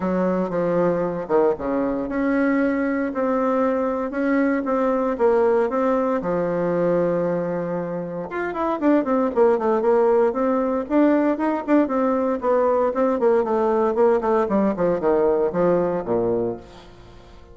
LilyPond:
\new Staff \with { instrumentName = "bassoon" } { \time 4/4 \tempo 4 = 116 fis4 f4. dis8 cis4 | cis'2 c'2 | cis'4 c'4 ais4 c'4 | f1 |
f'8 e'8 d'8 c'8 ais8 a8 ais4 | c'4 d'4 dis'8 d'8 c'4 | b4 c'8 ais8 a4 ais8 a8 | g8 f8 dis4 f4 ais,4 | }